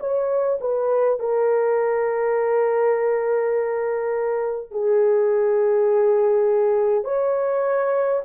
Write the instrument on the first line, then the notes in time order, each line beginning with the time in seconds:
horn
0.00 C#5
0.61 B4
1.20 A#4
4.71 G#4
7.04 C#5